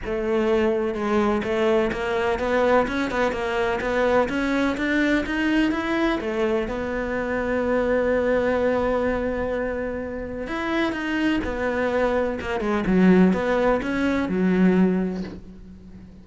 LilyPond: \new Staff \with { instrumentName = "cello" } { \time 4/4 \tempo 4 = 126 a2 gis4 a4 | ais4 b4 cis'8 b8 ais4 | b4 cis'4 d'4 dis'4 | e'4 a4 b2~ |
b1~ | b2 e'4 dis'4 | b2 ais8 gis8 fis4 | b4 cis'4 fis2 | }